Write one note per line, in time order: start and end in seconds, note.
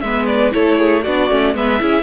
0.00 0.53 G#3
0.00 0.51 B3
0.00 0.54 B4
0.00 0.25 E5
0.26 0.52 D5
0.51 1.06 A3
0.51 1.02 E4
0.51 0.78 A4
0.51 1.03 C#5
0.78 1.03 G#4
1.03 1.30 B3
1.03 1.29 D4
1.03 1.54 F#4
1.03 1.54 D5
1.29 1.54 A3
1.29 1.54 C#4
1.54 1.80 G#3
1.54 1.79 B3
1.54 1.81 B4
1.54 2.03 E5
1.79 2.03 C#4
1.79 2.03 E4
1.79 2.03 G#4